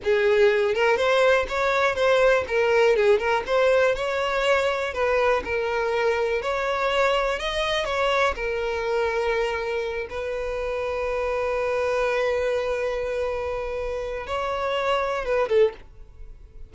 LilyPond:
\new Staff \with { instrumentName = "violin" } { \time 4/4 \tempo 4 = 122 gis'4. ais'8 c''4 cis''4 | c''4 ais'4 gis'8 ais'8 c''4 | cis''2 b'4 ais'4~ | ais'4 cis''2 dis''4 |
cis''4 ais'2.~ | ais'8 b'2.~ b'8~ | b'1~ | b'4 cis''2 b'8 a'8 | }